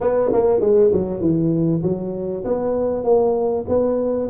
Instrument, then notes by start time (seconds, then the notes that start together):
tuba
0.00 B3
0.32 A#3
0.60 G#3
0.92 F#3
1.21 E3
1.82 F#3
2.44 B3
3.04 A#3
3.68 B3